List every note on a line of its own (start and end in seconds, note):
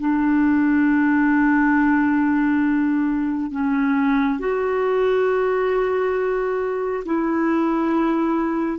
0.00 3.51 D4
3.51 4.39 C#4
4.39 7.04 F#4
7.05 8.79 E4